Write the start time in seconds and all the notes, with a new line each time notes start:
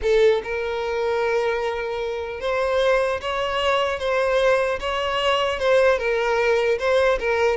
0.01 A4
0.43 A#4
2.40 C5
3.21 C#5
3.99 C5
4.79 C#5
5.59 C5
5.98 A#4
6.79 C5
7.19 A#4